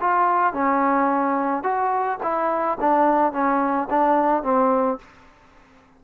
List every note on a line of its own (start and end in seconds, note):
0.00 0.53 F4
0.53 1.63 C#4
1.63 2.18 F#4
2.22 2.78 E4
2.80 3.32 D4
3.32 3.88 C#4
3.89 4.43 D4
4.43 4.98 C4